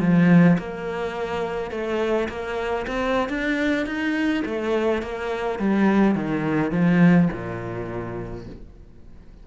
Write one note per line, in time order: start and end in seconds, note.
0.00 0.57 F3
0.58 1.71 A#3
1.71 2.28 A3
2.29 2.86 A#3
2.86 3.29 C4
3.29 3.86 D4
3.86 4.43 D#4
4.45 5.02 A3
5.02 5.59 A#3
5.59 6.15 G3
6.15 6.71 D#3
6.71 7.28 F3
7.32 8.46 A#2